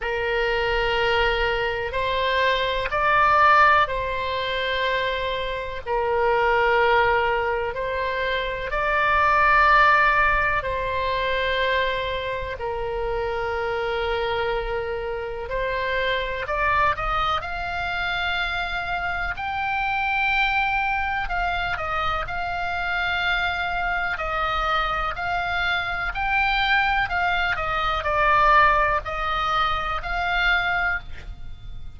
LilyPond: \new Staff \with { instrumentName = "oboe" } { \time 4/4 \tempo 4 = 62 ais'2 c''4 d''4 | c''2 ais'2 | c''4 d''2 c''4~ | c''4 ais'2. |
c''4 d''8 dis''8 f''2 | g''2 f''8 dis''8 f''4~ | f''4 dis''4 f''4 g''4 | f''8 dis''8 d''4 dis''4 f''4 | }